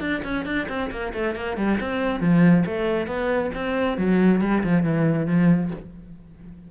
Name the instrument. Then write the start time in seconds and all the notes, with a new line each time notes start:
cello
0.00 D4
0.24 C#4
0.45 D4
0.69 C4
0.91 A#3
1.13 A3
1.35 A#3
1.57 G3
1.80 C4
2.20 F3
2.66 A3
3.07 B3
3.54 C4
3.98 F#3
4.41 G3
4.63 F3
4.83 E3
5.27 F3